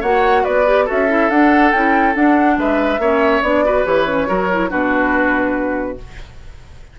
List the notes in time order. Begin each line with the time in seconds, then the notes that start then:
0.00 A#3 F#4 C#5 F#5
0.43 B3 B4 D5
0.65 G4
0.84 F#4 A4 E5
0.91 C#4
1.08 E4
1.29 D4 F#5
1.71 C#4 E4 G5
2.13 D4 F#5
2.57 G#3 B4 E5
2.98 A#3 C#4 C#5
3.42 B3 D4 D5
3.64 F#4 B4
3.85 E3 G4 C#5
4.06 C#4
4.27 F#3 F#4 A#4
4.50 E4
4.69 B2 D4 F#4 B4